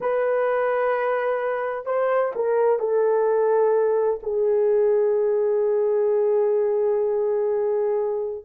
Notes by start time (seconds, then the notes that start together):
0.00 B4
1.85 C5
2.35 A#4
2.79 A4
4.22 G#4